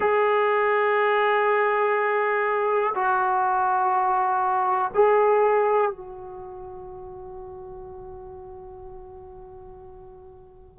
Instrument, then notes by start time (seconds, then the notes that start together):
trombone
0.00 G#4
2.94 F#4
4.94 G#4
5.91 F#4